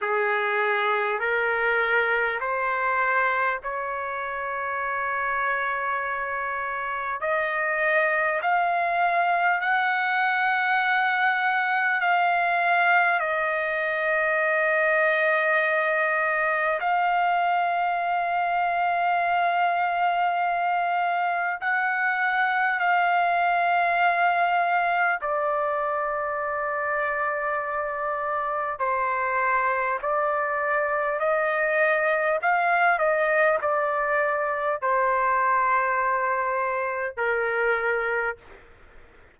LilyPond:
\new Staff \with { instrumentName = "trumpet" } { \time 4/4 \tempo 4 = 50 gis'4 ais'4 c''4 cis''4~ | cis''2 dis''4 f''4 | fis''2 f''4 dis''4~ | dis''2 f''2~ |
f''2 fis''4 f''4~ | f''4 d''2. | c''4 d''4 dis''4 f''8 dis''8 | d''4 c''2 ais'4 | }